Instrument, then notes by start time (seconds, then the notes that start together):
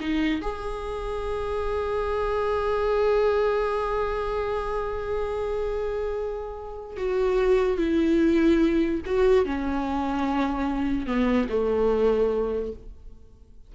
viola
0.00 D#4
0.41 G#4
6.96 F#4
7.77 E4
9.05 F#4
9.45 C#4
11.06 B3
11.49 A3